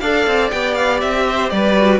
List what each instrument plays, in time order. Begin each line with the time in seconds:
0.00 cello D4, viola A4, violin D5 F5
0.27 cello C4
0.51 cello B3, viola G4, violin G5
0.75 violin F5
1.01 cello C4, violin E5
1.28 violin C5
1.50 cello G3, violin B4 D5
1.78 viola F#4